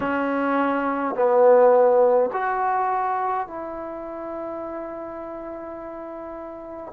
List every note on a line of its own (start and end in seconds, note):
0.00 1.15 C#4
1.15 2.30 B3
2.32 3.47 F#4
3.47 6.92 E4